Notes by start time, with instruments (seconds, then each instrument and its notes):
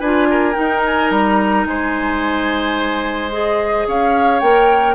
0.00 bassoon D4, clarinet F4, oboe B4, flute G#5
0.31 oboe A#4
0.54 clarinet D#4, bassoon D#4, flute G5
0.86 flute G#5
1.11 bassoon G3, flute A#5
1.66 bassoon G#3, oboe C5, flute G#5
3.32 clarinet G#4, flute D#5
3.87 bassoon C#4, oboe C#5, flute F5
4.40 bassoon A#3, clarinet A#4, flute G5